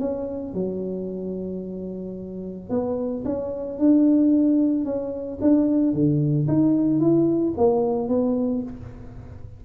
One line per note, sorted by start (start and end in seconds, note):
0.00 0.54 C#4
0.54 2.70 F#3
2.70 3.24 B3
3.25 3.79 C#4
3.79 4.85 D4
4.85 5.39 C#4
5.42 5.94 D4
5.94 6.48 D3
6.48 7.00 D#4
7.00 7.54 E4
7.58 8.09 A#3
8.09 8.63 B3